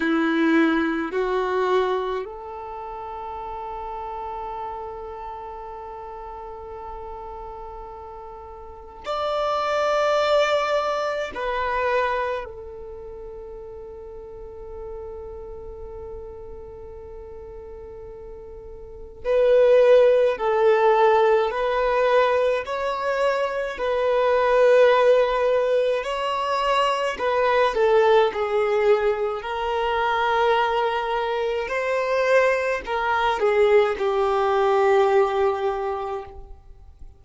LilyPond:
\new Staff \with { instrumentName = "violin" } { \time 4/4 \tempo 4 = 53 e'4 fis'4 a'2~ | a'1 | d''2 b'4 a'4~ | a'1~ |
a'4 b'4 a'4 b'4 | cis''4 b'2 cis''4 | b'8 a'8 gis'4 ais'2 | c''4 ais'8 gis'8 g'2 | }